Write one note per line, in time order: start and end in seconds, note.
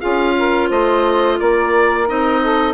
0.00 0.71 C#4
0.00 2.07 F4
0.00 0.34 G#4
0.00 0.69 F5
0.39 0.69 A#4
0.69 1.40 A3
0.69 1.38 C5
0.69 1.40 D#5
1.40 2.10 A#3
1.40 2.42 A#4
1.40 2.09 D5
2.07 2.75 C4
2.07 2.75 D#4
2.07 2.75 D#5
2.42 2.75 A4